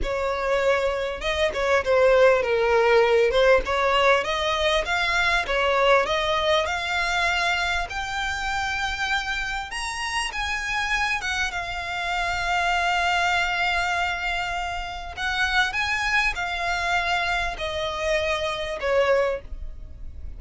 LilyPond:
\new Staff \with { instrumentName = "violin" } { \time 4/4 \tempo 4 = 99 cis''2 dis''8 cis''8 c''4 | ais'4. c''8 cis''4 dis''4 | f''4 cis''4 dis''4 f''4~ | f''4 g''2. |
ais''4 gis''4. fis''8 f''4~ | f''1~ | f''4 fis''4 gis''4 f''4~ | f''4 dis''2 cis''4 | }